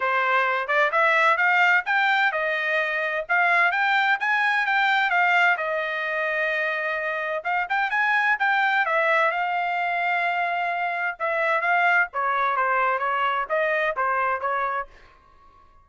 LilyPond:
\new Staff \with { instrumentName = "trumpet" } { \time 4/4 \tempo 4 = 129 c''4. d''8 e''4 f''4 | g''4 dis''2 f''4 | g''4 gis''4 g''4 f''4 | dis''1 |
f''8 g''8 gis''4 g''4 e''4 | f''1 | e''4 f''4 cis''4 c''4 | cis''4 dis''4 c''4 cis''4 | }